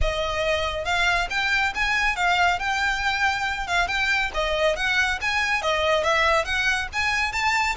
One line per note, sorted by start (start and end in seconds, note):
0.01 0.84 D#5
0.84 1.28 F5
1.30 1.73 G5
1.74 2.16 G#5
2.16 2.59 F5
2.59 3.67 G5
3.67 3.87 F5
3.87 4.30 G5
4.33 4.76 D#5
4.76 5.19 F#5
5.21 5.62 G#5
5.62 6.03 D#5
6.03 6.45 E5
6.45 6.88 F#5
6.92 7.32 G#5
7.32 7.75 A5